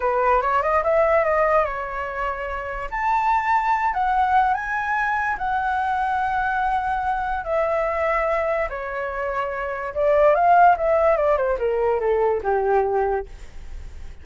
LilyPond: \new Staff \with { instrumentName = "flute" } { \time 4/4 \tempo 4 = 145 b'4 cis''8 dis''8 e''4 dis''4 | cis''2. a''4~ | a''4. fis''4. gis''4~ | gis''4 fis''2.~ |
fis''2 e''2~ | e''4 cis''2. | d''4 f''4 e''4 d''8 c''8 | ais'4 a'4 g'2 | }